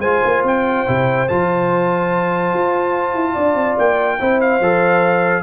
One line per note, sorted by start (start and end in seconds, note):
0.00 0.21 G#3
0.00 0.87 F4
0.00 3.33 C5
0.00 0.42 G#5
0.25 0.43 A#3
0.43 0.85 C4
0.43 1.28 G5
0.87 1.30 C3
0.87 1.28 E4
1.28 2.54 F3
1.28 4.19 F4
1.28 3.78 A5
2.54 3.15 F4
3.15 3.35 E4
3.34 3.55 D4
3.34 4.17 D5
3.55 3.76 C4
3.78 4.20 A#3
3.78 4.41 G5
4.19 4.61 C4
4.19 4.61 E4
4.19 5.43 C5
4.41 5.43 F5
4.61 5.43 F3
4.61 5.43 A4